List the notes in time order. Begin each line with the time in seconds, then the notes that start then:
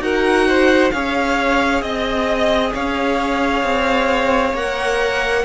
0.00 D#4 F#4 A#4 F#5
0.48 C5
0.91 C#4 G#4 C#5 F5
1.82 C4 D#5
2.74 C#4 C#5 F5
3.64 C4
4.53 A#3 A#4 F#5